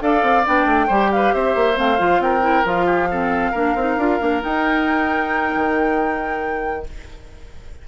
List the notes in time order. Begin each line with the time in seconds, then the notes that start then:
0.00 D4 A4 D5 F5
0.23 C4
0.45 B3 D4 G5
0.66 A3
0.87 G3 G4 C5
1.12 B4 F5
1.34 C4 C5 E5
1.55 A#3
1.75 A3 C4 F5
1.98 F3 F4
2.19 C4 A#4 G5
2.41 E4
2.65 F3 F4 F5
2.86 G4
3.10 C4 A4
3.51 A#3 D4 A#4
3.75 C4 D#4
3.97 D4 F4
4.20 A#3 D4
4.41 D#4 G5
5.56 D#3